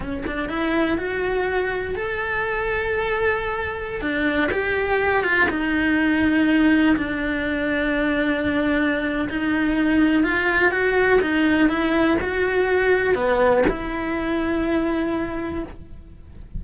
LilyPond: \new Staff \with { instrumentName = "cello" } { \time 4/4 \tempo 4 = 123 cis'8 d'8 e'4 fis'2 | a'1~ | a'16 d'4 g'4. f'8 dis'8.~ | dis'2~ dis'16 d'4.~ d'16~ |
d'2. dis'4~ | dis'4 f'4 fis'4 dis'4 | e'4 fis'2 b4 | e'1 | }